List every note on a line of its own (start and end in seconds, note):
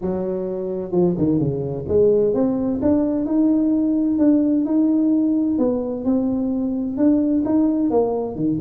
0.01 0.91 F#3
0.91 1.15 F3
1.17 1.38 D#3
1.38 1.85 C#3
1.88 2.34 G#3
2.34 2.80 C4
2.81 3.25 D4
3.25 4.18 D#4
4.18 4.65 D4
4.65 5.58 D#4
5.58 6.04 B3
6.04 6.97 C4
6.97 7.43 D4
7.45 7.90 D#4
7.90 8.35 A#3
8.35 8.59 D#3